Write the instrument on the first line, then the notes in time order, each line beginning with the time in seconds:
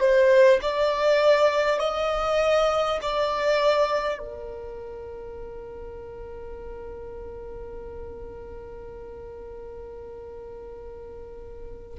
violin
0.00 C5
0.62 D5
1.79 D#5
3.02 D5
4.19 A#4